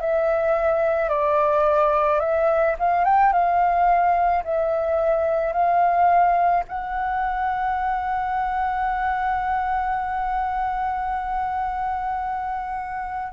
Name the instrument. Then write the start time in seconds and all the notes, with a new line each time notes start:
flute
0.00 E5
1.09 D5
2.19 E5
2.79 F5
3.05 G5
3.32 F5
4.43 E5
5.52 F5
6.68 F#5